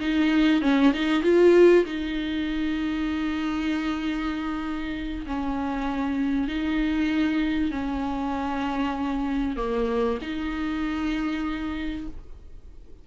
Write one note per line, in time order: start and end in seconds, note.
0.00 0.62 D#4
0.62 0.93 C#4
0.93 1.23 D#4
1.23 1.85 F4
1.85 5.25 D#4
5.26 6.48 C#4
6.48 7.71 D#4
7.71 9.57 C#4
9.57 10.18 A#3
10.21 12.07 D#4